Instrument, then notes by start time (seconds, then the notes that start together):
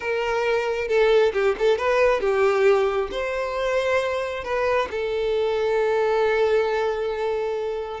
violin
0.00 A#4
0.88 A4
1.33 G4
1.58 A4
1.77 B4
2.20 G4
3.11 C5
4.43 B4
4.90 A4